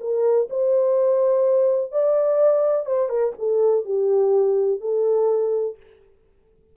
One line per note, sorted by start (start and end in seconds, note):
0.00 0.48 A#4
0.50 1.92 C5
1.92 2.86 D5
2.86 3.09 C5
3.09 3.33 A#4
3.38 3.85 A4
3.85 4.80 G4
4.80 5.76 A4